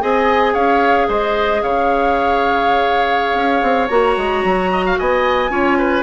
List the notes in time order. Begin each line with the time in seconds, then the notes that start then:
0.00 C4 G#4 D#5 G#5
0.53 C#4 C#5 F5
1.08 G#3 C5 D#5
1.62 C#3 C#5 F5
3.34 C#4
3.62 C4
3.88 A#3 F#4 A#5
4.17 G#3
4.44 F#3
4.71 D#5
4.86 F5
4.98 B3 D#5 G#5
5.49 C#4 F4 C#5
5.78 B4